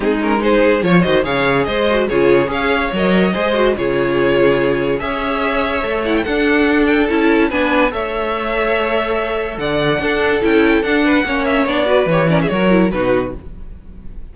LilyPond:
<<
  \new Staff \with { instrumentName = "violin" } { \time 4/4 \tempo 4 = 144 gis'8 ais'8 c''4 cis''8 dis''8 f''4 | dis''4 cis''4 f''4 dis''4~ | dis''4 cis''2. | e''2~ e''8 fis''16 g''16 fis''4~ |
fis''8 g''8 a''4 gis''4 e''4~ | e''2. fis''4~ | fis''4 g''4 fis''4. e''8 | d''4 cis''8 d''16 e''16 cis''4 b'4 | }
  \new Staff \with { instrumentName = "violin" } { \time 4/4 dis'4 gis'4 cis''8 c''8 cis''4 | c''4 gis'4 cis''2 | c''4 gis'2. | cis''2. a'4~ |
a'2 b'4 cis''4~ | cis''2. d''4 | a'2~ a'8 b'8 cis''4~ | cis''8 b'4 ais'16 gis'16 ais'4 fis'4 | }
  \new Staff \with { instrumentName = "viola" } { \time 4/4 c'8 cis'8 dis'4 f'8 fis'8 gis'4~ | gis'8 fis'8 f'4 gis'4 ais'4 | gis'8 fis'8 f'2. | gis'2 a'8 e'8 d'4~ |
d'4 e'4 d'4 a'4~ | a'1 | d'4 e'4 d'4 cis'4 | d'8 fis'8 g'8 cis'8 fis'8 e'8 dis'4 | }
  \new Staff \with { instrumentName = "cello" } { \time 4/4 gis2 f8 dis8 cis4 | gis4 cis4 cis'4 fis4 | gis4 cis2. | cis'2 a4 d'4~ |
d'4 cis'4 b4 a4~ | a2. d4 | d'4 cis'4 d'4 ais4 | b4 e4 fis4 b,4 | }
>>